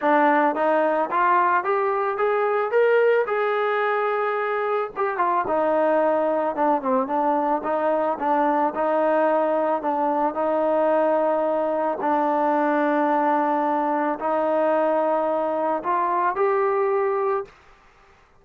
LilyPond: \new Staff \with { instrumentName = "trombone" } { \time 4/4 \tempo 4 = 110 d'4 dis'4 f'4 g'4 | gis'4 ais'4 gis'2~ | gis'4 g'8 f'8 dis'2 | d'8 c'8 d'4 dis'4 d'4 |
dis'2 d'4 dis'4~ | dis'2 d'2~ | d'2 dis'2~ | dis'4 f'4 g'2 | }